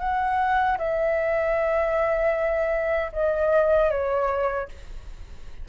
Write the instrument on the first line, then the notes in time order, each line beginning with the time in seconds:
flute
0.00 F#5
0.78 E5
3.13 D#5
3.91 C#5